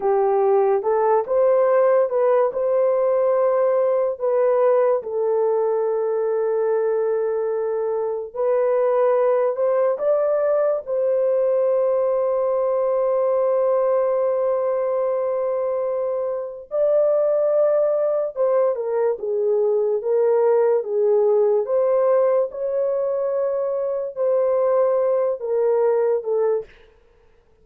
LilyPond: \new Staff \with { instrumentName = "horn" } { \time 4/4 \tempo 4 = 72 g'4 a'8 c''4 b'8 c''4~ | c''4 b'4 a'2~ | a'2 b'4. c''8 | d''4 c''2.~ |
c''1 | d''2 c''8 ais'8 gis'4 | ais'4 gis'4 c''4 cis''4~ | cis''4 c''4. ais'4 a'8 | }